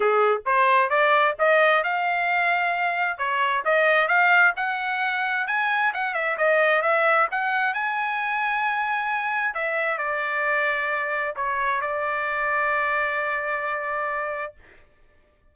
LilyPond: \new Staff \with { instrumentName = "trumpet" } { \time 4/4 \tempo 4 = 132 gis'4 c''4 d''4 dis''4 | f''2. cis''4 | dis''4 f''4 fis''2 | gis''4 fis''8 e''8 dis''4 e''4 |
fis''4 gis''2.~ | gis''4 e''4 d''2~ | d''4 cis''4 d''2~ | d''1 | }